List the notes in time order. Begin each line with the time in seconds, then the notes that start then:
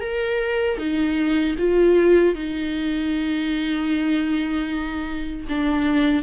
0.00 A#4
0.78 D#4
1.58 F4
2.34 D#4
5.48 D4